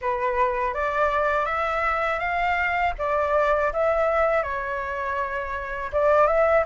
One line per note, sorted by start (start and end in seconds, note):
0.01 0.74 B4
0.74 1.45 D5
1.45 2.19 E5
2.19 2.93 F5
2.98 3.72 D5
3.72 4.42 E5
4.42 5.91 C#5
5.92 6.27 D5
6.27 6.64 E5